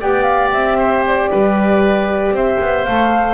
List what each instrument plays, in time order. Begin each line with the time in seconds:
0.00 double bass B3, saxophone G4, oboe D5, flute G5
0.23 flute F5
0.52 double bass C4, flute E5
0.78 oboe C5
1.07 flute D5
1.31 double bass G3, oboe B4
2.32 double bass C4, oboe C5, flute E5
2.61 double bass B3
2.85 double bass A3, saxophone A4, flute F5